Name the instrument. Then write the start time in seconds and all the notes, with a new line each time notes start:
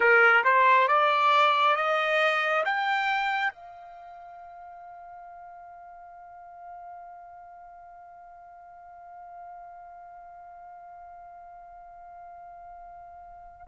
trumpet
0.00 A#4
0.44 C5
0.88 D5
1.76 D#5
2.65 G5
3.52 F5